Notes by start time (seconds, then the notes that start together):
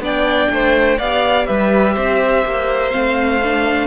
0.00 B3 D4 D5 G5
0.51 A3 C5
0.99 B3 G4 D5 F5
1.47 G3 B4 E5
1.95 C4 C5
2.46 A#3
2.91 A3 C4 F5
3.44 D4